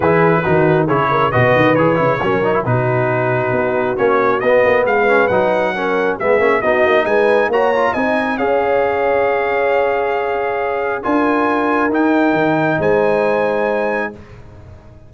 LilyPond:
<<
  \new Staff \with { instrumentName = "trumpet" } { \time 4/4 \tempo 4 = 136 b'2 cis''4 dis''4 | cis''2 b'2~ | b'4 cis''4 dis''4 f''4 | fis''2 e''4 dis''4 |
gis''4 ais''4 gis''4 f''4~ | f''1~ | f''4 gis''2 g''4~ | g''4 gis''2. | }
  \new Staff \with { instrumentName = "horn" } { \time 4/4 gis'4 fis'4 gis'8 ais'8 b'4~ | b'4 ais'4 fis'2~ | fis'2. b'4~ | b'4 ais'4 gis'4 fis'4 |
b'4 cis''4 dis''4 cis''4~ | cis''1~ | cis''4 ais'2.~ | ais'4 c''2. | }
  \new Staff \with { instrumentName = "trombone" } { \time 4/4 e'4 dis'4 e'4 fis'4 | gis'8 e'8 cis'8 dis'16 e'16 dis'2~ | dis'4 cis'4 b4. cis'8 | dis'4 cis'4 b8 cis'8 dis'4~ |
dis'4 fis'8 f'8 dis'4 gis'4~ | gis'1~ | gis'4 f'2 dis'4~ | dis'1 | }
  \new Staff \with { instrumentName = "tuba" } { \time 4/4 e4 dis4 cis4 b,8 dis8 | e8 cis8 fis4 b,2 | b4 ais4 b8 ais8 gis4 | fis2 gis8 ais8 b8 ais8 |
gis4 ais4 c'4 cis'4~ | cis'1~ | cis'4 d'2 dis'4 | dis4 gis2. | }
>>